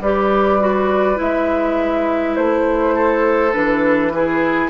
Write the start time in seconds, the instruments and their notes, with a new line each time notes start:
0.00 bassoon G3, clarinet G4, oboe B4, flute D5
0.61 clarinet F#4
1.16 bassoon G#3, clarinet E4, flute E5
2.36 bassoon A3, flute C5
2.95 oboe A4
3.53 bassoon E3, clarinet D4, flute B4
4.14 clarinet E4, oboe G#4